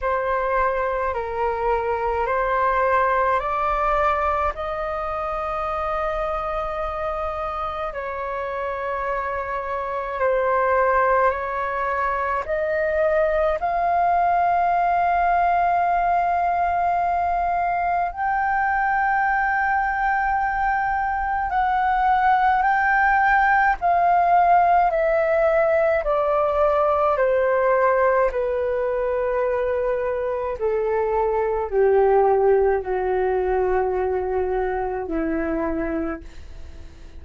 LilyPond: \new Staff \with { instrumentName = "flute" } { \time 4/4 \tempo 4 = 53 c''4 ais'4 c''4 d''4 | dis''2. cis''4~ | cis''4 c''4 cis''4 dis''4 | f''1 |
g''2. fis''4 | g''4 f''4 e''4 d''4 | c''4 b'2 a'4 | g'4 fis'2 e'4 | }